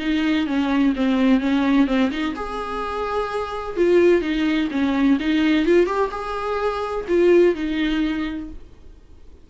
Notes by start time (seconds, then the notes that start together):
0.00 D#4
0.47 C#4
0.96 C4
1.41 C#4
1.87 C4
2.12 D#4
2.36 G#4
3.77 F4
4.22 D#4
4.71 C#4
5.20 D#4
5.66 F4
5.87 G4
6.11 G#4
7.09 F4
7.56 D#4